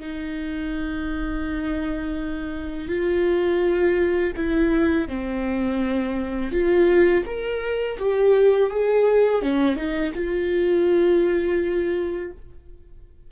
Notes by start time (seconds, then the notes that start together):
0.00 D#4
2.88 F4
4.36 E4
5.08 C4
6.52 F4
7.26 A#4
7.99 G4
8.70 G#4
9.42 C#4
9.76 D#4
10.15 F4